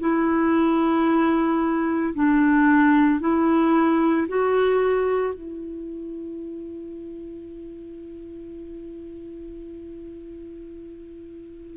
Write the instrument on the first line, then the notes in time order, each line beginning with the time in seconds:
clarinet
0.00 E4
2.15 D4
3.20 E4
4.29 F#4
5.35 E4